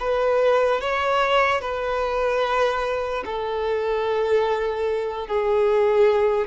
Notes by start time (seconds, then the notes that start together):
0.00 B4
0.81 C#5
1.62 B4
3.26 A4
5.28 G#4